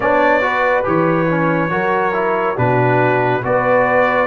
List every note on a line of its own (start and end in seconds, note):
0.00 0.83 B3
0.00 0.41 D4
0.00 0.43 C#5
0.00 0.84 D5
0.41 0.84 F#4
0.41 1.71 B4
0.84 1.70 E3
0.84 1.26 G4
0.84 2.58 C#5
1.30 1.69 C#4
1.69 2.56 F#3
1.69 2.12 F#4
1.69 2.55 A#4
2.12 2.55 E4
2.55 3.43 B2
2.55 3.41 D4
2.55 3.41 F#4
2.55 3.43 B4
3.42 4.27 B3
3.42 4.27 F#4
3.42 4.27 B4
3.42 4.27 D5